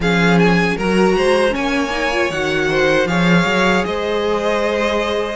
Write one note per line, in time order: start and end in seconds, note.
0.00 0.76 F3
0.00 0.79 C#4
0.00 0.76 G#4
0.00 0.38 F5
0.38 0.77 G#5
0.76 1.16 F#3
0.76 1.50 F#4
0.76 1.15 A#4
0.76 1.55 A#5
1.16 1.55 G#3
1.16 1.53 C5
1.50 1.88 C#4
1.50 2.69 C#5
1.50 2.31 G#5
1.56 2.30 A#3
1.90 2.09 D#4
2.12 2.31 F4
2.30 3.05 D#3
2.30 3.07 F#4
2.30 3.07 F#5
2.69 3.08 C5
3.05 3.44 F3
3.05 5.36 G#4
3.05 3.86 C#5
3.05 3.84 F5
3.45 3.84 F#3
3.85 5.36 G#3
3.85 5.36 C5
3.85 5.36 D#5